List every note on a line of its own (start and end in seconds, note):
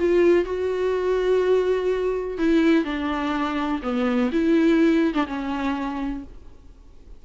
0.00 0.45 F4
0.45 2.39 F#4
2.39 2.85 E4
2.85 3.82 D4
3.83 4.32 B3
4.32 5.14 E4
5.14 5.27 D4
5.27 6.24 C#4